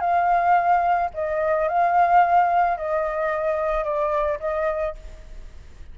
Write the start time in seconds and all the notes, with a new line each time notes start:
0.00 F5
1.14 D#5
1.68 F5
2.77 D#5
3.84 D5
4.40 D#5